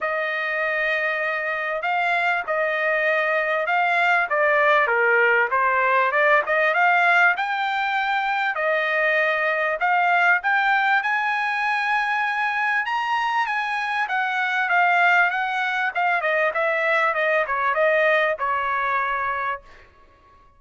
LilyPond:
\new Staff \with { instrumentName = "trumpet" } { \time 4/4 \tempo 4 = 98 dis''2. f''4 | dis''2 f''4 d''4 | ais'4 c''4 d''8 dis''8 f''4 | g''2 dis''2 |
f''4 g''4 gis''2~ | gis''4 ais''4 gis''4 fis''4 | f''4 fis''4 f''8 dis''8 e''4 | dis''8 cis''8 dis''4 cis''2 | }